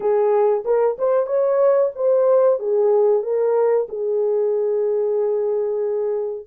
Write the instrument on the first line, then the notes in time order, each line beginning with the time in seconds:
horn
0.00 G#4
0.65 A#4
0.98 C5
1.26 C#5
1.95 C5
2.59 G#4
3.22 A#4
3.89 G#4